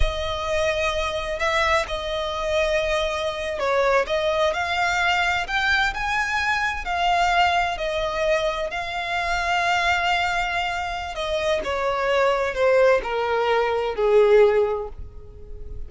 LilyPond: \new Staff \with { instrumentName = "violin" } { \time 4/4 \tempo 4 = 129 dis''2. e''4 | dis''2.~ dis''8. cis''16~ | cis''8. dis''4 f''2 g''16~ | g''8. gis''2 f''4~ f''16~ |
f''8. dis''2 f''4~ f''16~ | f''1 | dis''4 cis''2 c''4 | ais'2 gis'2 | }